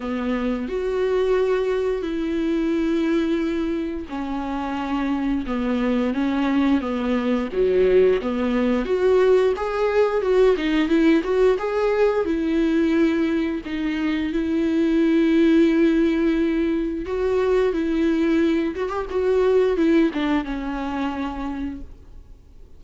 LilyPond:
\new Staff \with { instrumentName = "viola" } { \time 4/4 \tempo 4 = 88 b4 fis'2 e'4~ | e'2 cis'2 | b4 cis'4 b4 fis4 | b4 fis'4 gis'4 fis'8 dis'8 |
e'8 fis'8 gis'4 e'2 | dis'4 e'2.~ | e'4 fis'4 e'4. fis'16 g'16 | fis'4 e'8 d'8 cis'2 | }